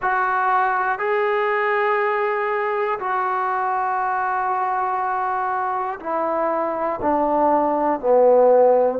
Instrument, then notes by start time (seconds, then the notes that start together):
trombone
0.02 F#4
0.98 G#4
2.99 F#4
6.00 E4
7.02 D4
8.00 B3